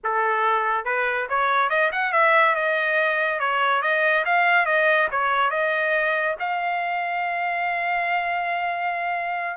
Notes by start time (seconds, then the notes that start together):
0.03 A4
0.85 B4
1.29 C#5
1.69 D#5
1.91 F#5
2.12 E5
2.55 D#5
3.39 C#5
3.82 D#5
4.25 F5
4.65 D#5
5.11 C#5
5.50 D#5
6.39 F5